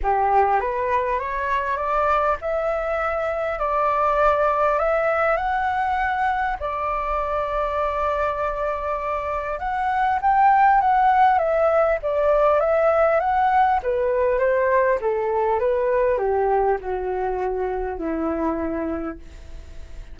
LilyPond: \new Staff \with { instrumentName = "flute" } { \time 4/4 \tempo 4 = 100 g'4 b'4 cis''4 d''4 | e''2 d''2 | e''4 fis''2 d''4~ | d''1 |
fis''4 g''4 fis''4 e''4 | d''4 e''4 fis''4 b'4 | c''4 a'4 b'4 g'4 | fis'2 e'2 | }